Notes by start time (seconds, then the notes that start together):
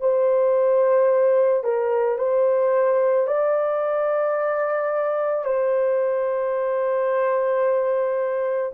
0.00 C5
1.64 A#4
2.18 C5
3.27 D5
5.44 C5